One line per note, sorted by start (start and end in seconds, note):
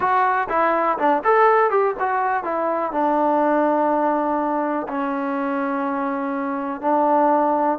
0.00 0.48 F#4
0.49 0.98 E4
0.98 1.22 D4
1.24 1.70 A4
1.70 1.94 G4
1.99 2.43 F#4
2.43 2.92 E4
2.92 4.87 D4
4.88 6.81 C#4
6.81 7.78 D4